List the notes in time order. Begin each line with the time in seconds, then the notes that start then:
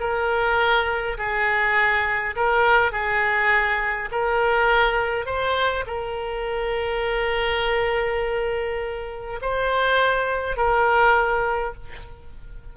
0.00 A#4
1.18 G#4
2.36 A#4
2.92 G#4
4.12 A#4
5.26 C5
5.87 A#4
9.42 C5
10.57 A#4